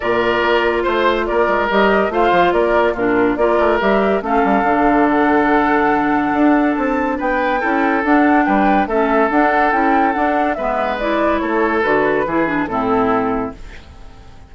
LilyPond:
<<
  \new Staff \with { instrumentName = "flute" } { \time 4/4 \tempo 4 = 142 d''2 c''4 d''4 | dis''4 f''4 d''4 ais'4 | d''4 e''4 f''2 | fis''1 |
a''4 g''2 fis''4 | g''4 e''4 fis''4 g''4 | fis''4 e''4 d''4 cis''4 | b'2 a'2 | }
  \new Staff \with { instrumentName = "oboe" } { \time 4/4 ais'2 c''4 ais'4~ | ais'4 c''4 ais'4 f'4 | ais'2 a'2~ | a'1~ |
a'4 b'4 a'2 | b'4 a'2.~ | a'4 b'2 a'4~ | a'4 gis'4 e'2 | }
  \new Staff \with { instrumentName = "clarinet" } { \time 4/4 f'1 | g'4 f'2 d'4 | f'4 g'4 cis'4 d'4~ | d'1~ |
d'2 e'4 d'4~ | d'4 cis'4 d'4 e'4 | d'4 b4 e'2 | fis'4 e'8 d'8 c'2 | }
  \new Staff \with { instrumentName = "bassoon" } { \time 4/4 ais,4 ais4 a4 ais8 gis8 | g4 a8 f8 ais4 ais,4 | ais8 a8 g4 a8 g8 d4~ | d2. d'4 |
c'4 b4 cis'4 d'4 | g4 a4 d'4 cis'4 | d'4 gis2 a4 | d4 e4 a,2 | }
>>